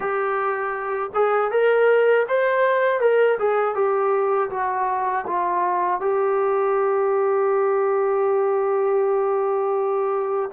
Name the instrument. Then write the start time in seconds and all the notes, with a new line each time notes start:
trombone
0.00 G4
1.14 G#4
1.51 A#4
2.28 C5
3.00 A#4
3.39 G#4
3.74 G4
4.50 F#4
5.27 F4
6.00 G4